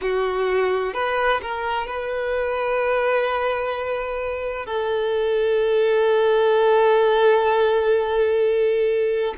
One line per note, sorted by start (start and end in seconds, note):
0.01 0.93 F#4
0.93 1.40 B4
1.41 1.86 A#4
1.86 4.65 B4
4.65 9.34 A4